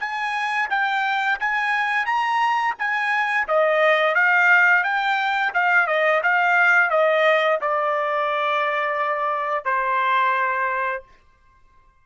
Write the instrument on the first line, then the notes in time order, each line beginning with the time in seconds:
trumpet
0.00 G#5
0.70 G5
1.40 G#5
2.06 A#5
2.79 G#5
3.48 D#5
4.15 F5
4.84 G5
5.54 F5
5.87 D#5
6.24 F5
6.91 D#5
7.61 D5
9.65 C5